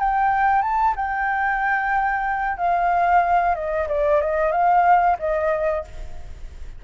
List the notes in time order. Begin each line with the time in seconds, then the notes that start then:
0.00 G5
0.62 A5
0.96 G5
2.58 F5
3.55 D#5
3.89 D5
4.22 D#5
4.52 F5
5.20 D#5